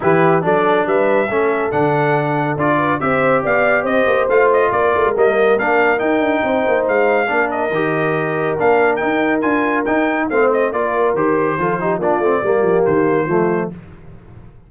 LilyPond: <<
  \new Staff \with { instrumentName = "trumpet" } { \time 4/4 \tempo 4 = 140 b'4 d''4 e''2 | fis''2 d''4 e''4 | f''4 dis''4 f''8 dis''8 d''4 | dis''4 f''4 g''2 |
f''4. dis''2~ dis''8 | f''4 g''4 gis''4 g''4 | f''8 dis''8 d''4 c''2 | d''2 c''2 | }
  \new Staff \with { instrumentName = "horn" } { \time 4/4 g'4 a'4 b'4 a'4~ | a'2~ a'8 b'8 c''4 | d''4 c''2 ais'4~ | ais'2. c''4~ |
c''4 ais'2.~ | ais'1 | c''4 ais'2 a'8 g'8 | f'4 g'2 f'4 | }
  \new Staff \with { instrumentName = "trombone" } { \time 4/4 e'4 d'2 cis'4 | d'2 f'4 g'4~ | g'2 f'2 | ais4 d'4 dis'2~ |
dis'4 d'4 g'2 | d'4 dis'4 f'4 dis'4 | c'4 f'4 g'4 f'8 dis'8 | d'8 c'8 ais2 a4 | }
  \new Staff \with { instrumentName = "tuba" } { \time 4/4 e4 fis4 g4 a4 | d2 d'4 c'4 | b4 c'8 ais8 a4 ais8 a16 gis16 | g4 ais4 dis'8 d'8 c'8 ais8 |
gis4 ais4 dis2 | ais4 dis'4 d'4 dis'4 | a4 ais4 dis4 f4 | ais8 a8 g8 f8 dis4 f4 | }
>>